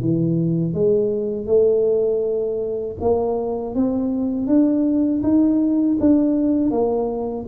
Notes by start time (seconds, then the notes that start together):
0.00 E3
0.73 G#3
1.46 A3
3.00 A#3
3.74 C4
4.47 D4
5.22 D#4
5.99 D4
6.71 A#3